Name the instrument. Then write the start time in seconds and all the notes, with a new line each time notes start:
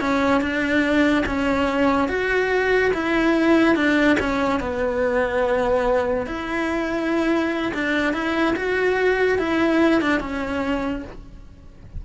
cello
0.00 C#4
0.41 D4
1.26 C#4
2.08 F#4
2.93 E4
3.75 D4
4.19 C#4
4.60 B3
6.27 E4
7.73 D4
8.13 E4
8.56 F#4
9.38 E4
10.01 D4
10.20 C#4